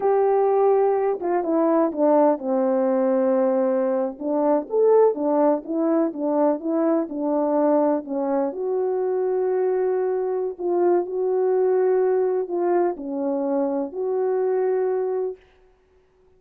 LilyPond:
\new Staff \with { instrumentName = "horn" } { \time 4/4 \tempo 4 = 125 g'2~ g'8 f'8 e'4 | d'4 c'2.~ | c'8. d'4 a'4 d'4 e'16~ | e'8. d'4 e'4 d'4~ d'16~ |
d'8. cis'4 fis'2~ fis'16~ | fis'2 f'4 fis'4~ | fis'2 f'4 cis'4~ | cis'4 fis'2. | }